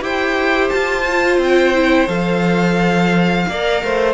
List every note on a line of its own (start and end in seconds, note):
0.00 0.70 E4
0.00 1.03 G4
0.00 3.48 C5
0.00 0.68 G5
0.68 1.38 F4
0.68 1.37 A5
1.07 1.74 F4
1.38 2.07 C4
1.38 2.08 G5
1.74 2.07 E4
2.07 3.45 F3
2.07 3.45 A4
2.07 4.13 F5
3.47 3.82 A#3
3.47 4.13 A#4
3.47 3.83 D5
3.83 4.13 A3
3.83 4.13 C5